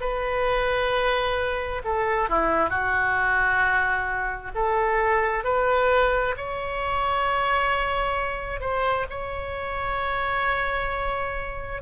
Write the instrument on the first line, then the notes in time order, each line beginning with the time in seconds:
oboe
0.00 B4
1.84 A4
2.29 E4
2.69 F#4
4.55 A4
5.44 B4
6.36 C#5
8.60 C5
9.10 C#5